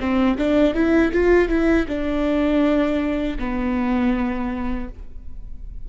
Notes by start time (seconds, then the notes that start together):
0.00 C4
0.38 D4
0.74 E4
1.12 F4
1.49 E4
1.88 D4
3.39 B3